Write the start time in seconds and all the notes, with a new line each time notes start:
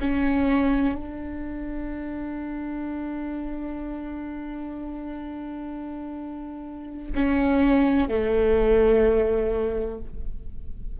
0.00 C#4
0.94 D4
7.14 C#4
8.08 A3